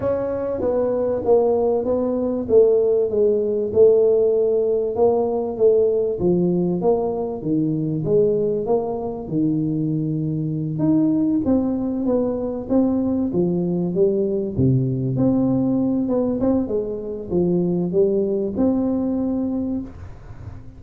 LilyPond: \new Staff \with { instrumentName = "tuba" } { \time 4/4 \tempo 4 = 97 cis'4 b4 ais4 b4 | a4 gis4 a2 | ais4 a4 f4 ais4 | dis4 gis4 ais4 dis4~ |
dis4. dis'4 c'4 b8~ | b8 c'4 f4 g4 c8~ | c8 c'4. b8 c'8 gis4 | f4 g4 c'2 | }